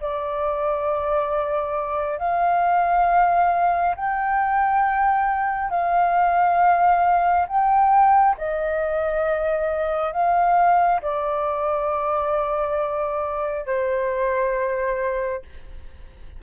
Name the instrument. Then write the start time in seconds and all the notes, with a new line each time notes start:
flute
0.00 D5
2.18 F5
3.95 G5
5.70 F5
7.48 G5
8.37 D#5
10.12 F5
11.01 D5
13.66 C5